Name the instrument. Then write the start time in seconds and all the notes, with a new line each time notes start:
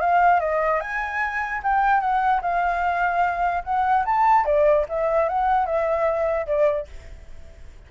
flute
0.00 F5
0.40 D#5
0.80 G#5
1.63 G5
2.00 F#5
2.41 F5
3.64 F#5
4.05 A5
4.45 D5
4.89 E5
5.28 F#5
5.66 E5
6.46 D5